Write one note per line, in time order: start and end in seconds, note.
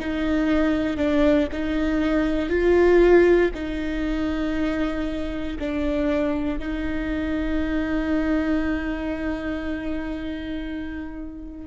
0.00 0.97 D#4
0.97 1.48 D4
1.52 2.50 D#4
2.50 3.51 F4
3.55 5.58 D#4
5.59 6.59 D4
6.59 11.67 D#4